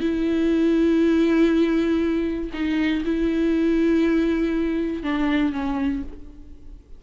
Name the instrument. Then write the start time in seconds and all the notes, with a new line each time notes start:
viola
0.00 E4
2.53 D#4
3.05 E4
5.03 D4
5.52 C#4